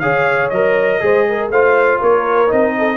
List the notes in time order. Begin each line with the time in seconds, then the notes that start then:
0.00 C#3 G#4 C#5 F5
0.50 F#3 A#4 D#5
1.01 G#3 G#4 C5
1.29 A#4
1.50 A3 F4 C5 F5
2.01 A#3 A#4 C#5
2.48 C4 D#4 D#5
2.78 A4